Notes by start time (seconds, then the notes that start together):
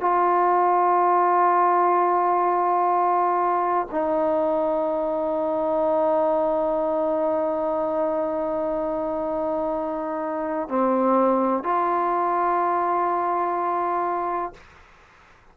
0.00 F4
3.91 D#4
10.69 C4
11.63 F4